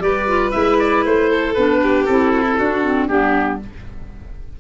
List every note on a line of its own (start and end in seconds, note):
0.00 0.52 G3
0.00 0.26 G4
0.00 1.29 B4
0.00 0.51 D5
0.27 0.52 F4
0.51 1.05 G#3
0.51 1.54 E4
0.51 0.76 E5
0.79 1.04 D5
1.05 1.57 A3
1.05 1.54 C5
1.29 1.80 A4
1.54 2.08 B3
1.54 2.08 D4
1.54 2.05 B4
1.82 2.33 G4
2.05 2.59 C4
2.05 2.59 E4
2.05 3.07 A4
2.33 2.42 F#4
2.42 2.54 E4
2.58 2.83 D4
2.58 3.09 D4
2.58 3.09 F#4
2.83 3.09 C4
3.08 3.60 G3
3.08 3.60 B3
3.08 3.60 D4
3.08 3.59 G4